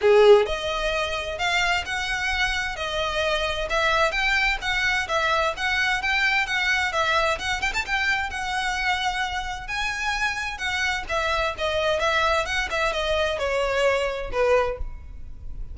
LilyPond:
\new Staff \with { instrumentName = "violin" } { \time 4/4 \tempo 4 = 130 gis'4 dis''2 f''4 | fis''2 dis''2 | e''4 g''4 fis''4 e''4 | fis''4 g''4 fis''4 e''4 |
fis''8 g''16 a''16 g''4 fis''2~ | fis''4 gis''2 fis''4 | e''4 dis''4 e''4 fis''8 e''8 | dis''4 cis''2 b'4 | }